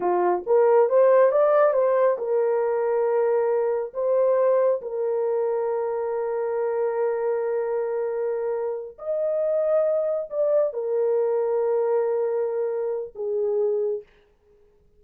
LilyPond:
\new Staff \with { instrumentName = "horn" } { \time 4/4 \tempo 4 = 137 f'4 ais'4 c''4 d''4 | c''4 ais'2.~ | ais'4 c''2 ais'4~ | ais'1~ |
ais'1~ | ais'8 dis''2. d''8~ | d''8 ais'2.~ ais'8~ | ais'2 gis'2 | }